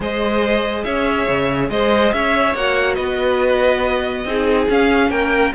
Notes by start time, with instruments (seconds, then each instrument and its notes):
0.00 cello G#3, viola G#4, violin C5 D#5
0.84 cello C#4, violin C#5 E5
1.28 cello C#3
1.69 cello G#3, violin C5 D#5
2.12 cello C#4, violin C#5 E5
2.54 cello A#3, viola F#4, violin F#5
2.94 cello B3, violin B4 D#5
4.24 cello C4, viola D#4, violin G#4
4.69 cello C#4, viola C#4, violin F5
5.10 cello A#3, violin A#4 G5